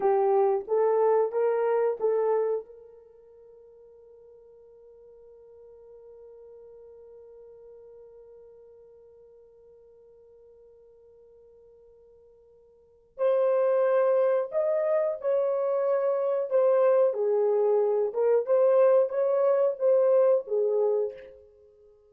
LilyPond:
\new Staff \with { instrumentName = "horn" } { \time 4/4 \tempo 4 = 91 g'4 a'4 ais'4 a'4 | ais'1~ | ais'1~ | ais'1~ |
ais'1 | c''2 dis''4 cis''4~ | cis''4 c''4 gis'4. ais'8 | c''4 cis''4 c''4 gis'4 | }